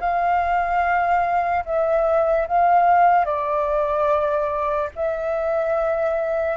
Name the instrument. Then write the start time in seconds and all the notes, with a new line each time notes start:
flute
0.00 F5
1.66 E5
2.48 F5
3.25 D5
4.96 E5